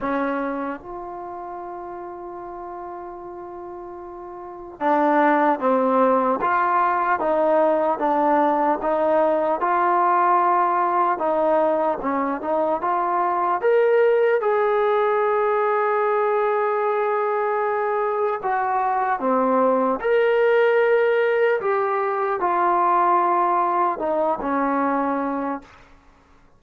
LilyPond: \new Staff \with { instrumentName = "trombone" } { \time 4/4 \tempo 4 = 75 cis'4 f'2.~ | f'2 d'4 c'4 | f'4 dis'4 d'4 dis'4 | f'2 dis'4 cis'8 dis'8 |
f'4 ais'4 gis'2~ | gis'2. fis'4 | c'4 ais'2 g'4 | f'2 dis'8 cis'4. | }